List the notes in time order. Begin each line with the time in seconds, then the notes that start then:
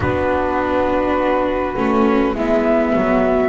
0.00 B3 D4 F#4 B4
1.76 A3 C#4
2.34 G#3 B3 E4 E5
2.95 F#3 F#4